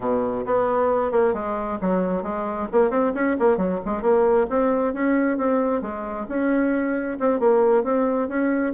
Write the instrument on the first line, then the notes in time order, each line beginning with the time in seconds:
bassoon
0.00 B2
0.45 B3
1.11 A#3
1.33 G#3
1.81 F#3
2.23 G#3
2.72 A#3
2.90 C4
3.14 C#4
3.39 A#3
3.57 F#3
3.85 G#3
4.02 A#3
4.49 C4
4.93 C#4
5.37 C4
5.81 G#3
6.28 C#4
7.19 C4
7.39 A#3
7.83 C4
8.28 C#4